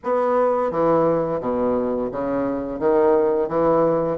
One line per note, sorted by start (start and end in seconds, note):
0.03 0.71 B3
0.71 1.40 E3
1.40 2.10 B2
2.11 2.79 C#3
2.79 3.48 D#3
3.48 4.17 E3